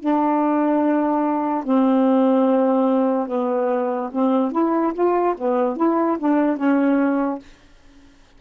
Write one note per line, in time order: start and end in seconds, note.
0.00 1.64 D4
1.64 3.28 C4
3.28 4.10 B3
4.12 4.52 C4
4.52 4.93 E4
4.94 5.35 F4
5.38 5.77 B3
5.77 6.18 E4
6.19 6.57 D4
6.57 7.39 C#4